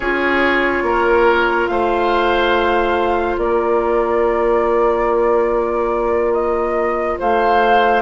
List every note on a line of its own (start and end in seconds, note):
0.00 0.82 C#4
0.00 8.02 F4
0.00 0.83 G#4
0.00 1.67 C#5
0.82 1.67 A#3
0.82 1.70 A#4
1.67 3.37 A3
1.67 3.40 C5
1.67 3.36 F5
3.37 7.17 A#3
3.37 7.18 A#4
3.37 6.32 D5
6.32 7.17 D#5
7.18 8.02 A3
7.18 8.02 C5
7.18 8.02 F5